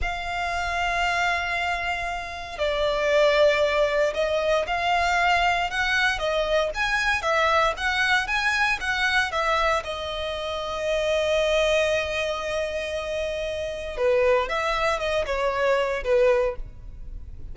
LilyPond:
\new Staff \with { instrumentName = "violin" } { \time 4/4 \tempo 4 = 116 f''1~ | f''4 d''2. | dis''4 f''2 fis''4 | dis''4 gis''4 e''4 fis''4 |
gis''4 fis''4 e''4 dis''4~ | dis''1~ | dis''2. b'4 | e''4 dis''8 cis''4. b'4 | }